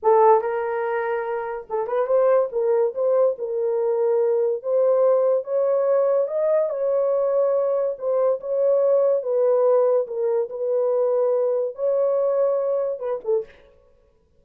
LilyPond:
\new Staff \with { instrumentName = "horn" } { \time 4/4 \tempo 4 = 143 a'4 ais'2. | a'8 b'8 c''4 ais'4 c''4 | ais'2. c''4~ | c''4 cis''2 dis''4 |
cis''2. c''4 | cis''2 b'2 | ais'4 b'2. | cis''2. b'8 a'8 | }